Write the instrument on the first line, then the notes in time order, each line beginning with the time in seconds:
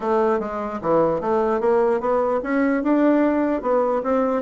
bassoon
0.00 A3
0.39 G#3
0.81 E3
1.20 A3
1.60 A#3
2.00 B3
2.43 C#4
2.83 D4
3.61 B3
4.03 C4